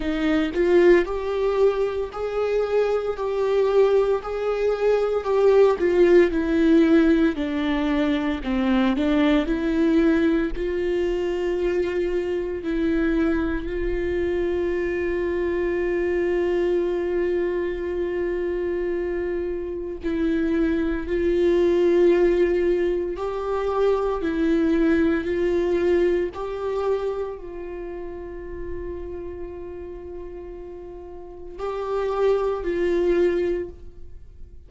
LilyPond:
\new Staff \with { instrumentName = "viola" } { \time 4/4 \tempo 4 = 57 dis'8 f'8 g'4 gis'4 g'4 | gis'4 g'8 f'8 e'4 d'4 | c'8 d'8 e'4 f'2 | e'4 f'2.~ |
f'2. e'4 | f'2 g'4 e'4 | f'4 g'4 f'2~ | f'2 g'4 f'4 | }